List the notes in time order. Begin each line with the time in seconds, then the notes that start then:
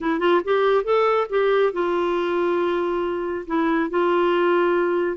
0.01 E4
0.19 F4
0.44 G4
0.84 A4
1.29 G4
1.72 F4
3.46 E4
3.90 F4